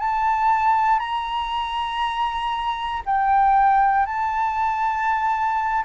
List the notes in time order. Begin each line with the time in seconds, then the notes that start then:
0.00 A5
0.99 A#5
3.06 G5
4.06 A5